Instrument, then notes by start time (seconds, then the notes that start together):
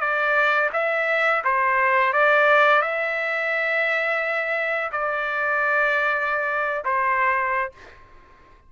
trumpet
0.00 D5
0.73 E5
1.44 C5
2.12 D5
2.81 E5
4.92 D5
6.84 C5